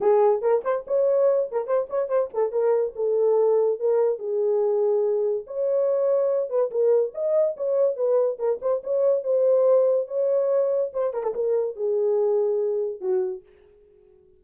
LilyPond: \new Staff \with { instrumentName = "horn" } { \time 4/4 \tempo 4 = 143 gis'4 ais'8 c''8 cis''4. ais'8 | c''8 cis''8 c''8 a'8 ais'4 a'4~ | a'4 ais'4 gis'2~ | gis'4 cis''2~ cis''8 b'8 |
ais'4 dis''4 cis''4 b'4 | ais'8 c''8 cis''4 c''2 | cis''2 c''8 ais'16 a'16 ais'4 | gis'2. fis'4 | }